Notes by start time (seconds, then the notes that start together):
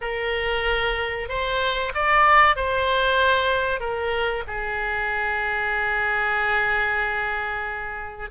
0.01 A#4
1.28 C5
1.94 D5
2.55 C5
3.79 A#4
4.47 G#4